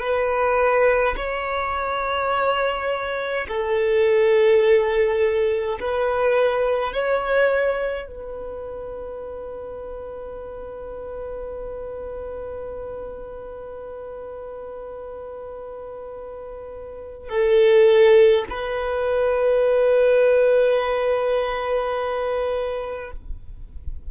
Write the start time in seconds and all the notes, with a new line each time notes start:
0.00 B4
1.16 C#5
3.48 A4
5.80 B4
6.93 C#5
8.07 B4
17.29 A4
18.50 B4